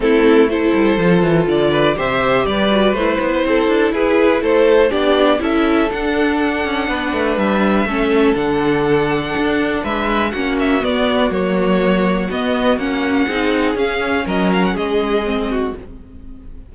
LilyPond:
<<
  \new Staff \with { instrumentName = "violin" } { \time 4/4 \tempo 4 = 122 a'4 c''2 d''4 | e''4 d''4 c''2 | b'4 c''4 d''4 e''4 | fis''2. e''4~ |
e''4 fis''2. | e''4 fis''8 e''8 d''4 cis''4~ | cis''4 dis''4 fis''2 | f''4 dis''8 f''16 fis''16 dis''2 | }
  \new Staff \with { instrumentName = "violin" } { \time 4/4 e'4 a'2~ a'8 b'8 | c''4 b'2 a'4 | gis'4 a'4 g'4 a'4~ | a'2 b'2 |
a'1 | b'4 fis'2.~ | fis'2. gis'4~ | gis'4 ais'4 gis'4. fis'8 | }
  \new Staff \with { instrumentName = "viola" } { \time 4/4 c'4 e'4 f'2 | g'4. fis'8 e'2~ | e'2 d'4 e'4 | d'1 |
cis'4 d'2.~ | d'4 cis'4 b4 ais4~ | ais4 b4 cis'4 dis'4 | cis'2. c'4 | }
  \new Staff \with { instrumentName = "cello" } { \time 4/4 a4. g8 f8 e8 d4 | c4 g4 a8 b8 c'8 d'8 | e'4 a4 b4 cis'4 | d'4. cis'8 b8 a8 g4 |
a4 d2 d'4 | gis4 ais4 b4 fis4~ | fis4 b4 ais4 c'4 | cis'4 fis4 gis2 | }
>>